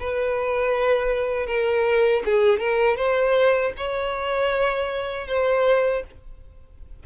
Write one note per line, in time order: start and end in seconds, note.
0.00 1.46 B4
1.46 2.22 A#4
2.25 2.59 G#4
2.59 2.97 A#4
2.97 3.72 C5
3.77 5.28 C#5
5.28 6.03 C5